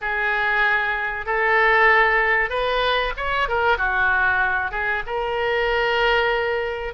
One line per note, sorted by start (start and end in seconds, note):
0.01 1.26 G#4
1.26 2.49 A4
2.49 3.12 B4
3.16 3.48 C#5
3.48 3.77 A#4
3.77 4.71 F#4
4.71 5.02 G#4
5.06 6.93 A#4